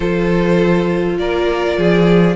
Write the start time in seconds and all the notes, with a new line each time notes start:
0.00 F3 F4 A4 C5
1.17 A#3 A#4 D5
1.77 F3 G#4